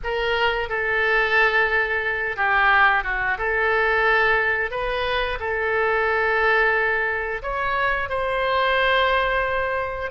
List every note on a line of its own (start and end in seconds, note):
0.03 0.69 A#4
0.69 2.36 A4
2.36 3.03 G4
3.03 3.37 F#4
3.37 4.70 A4
4.70 5.38 B4
5.39 7.42 A4
7.42 8.09 C#5
8.09 10.11 C5